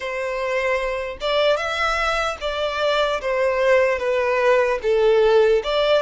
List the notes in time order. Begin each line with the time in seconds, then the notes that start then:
0.00 C5
1.20 D5
1.56 E5
2.40 D5
3.21 C5
3.99 B4
4.82 A4
5.63 D5